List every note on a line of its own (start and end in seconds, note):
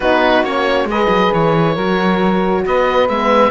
0.00 0.42 B3
0.00 0.44 D#4
0.00 0.88 F#4
0.00 0.44 B4
0.42 0.84 A#3
0.42 0.88 C#4
0.42 0.88 C#5
0.84 1.06 G#3
0.84 1.76 G#4
0.84 1.74 B4
0.84 1.33 D#5
1.08 1.30 F#3
1.33 1.76 E3
1.33 2.65 C#5
1.74 2.65 F#3
1.74 3.09 F#4
1.74 2.62 A#4
2.65 3.08 B3
2.65 3.51 B4
2.65 3.08 D#5
3.08 3.51 G#3
3.08 3.51 B3
3.08 3.51 E5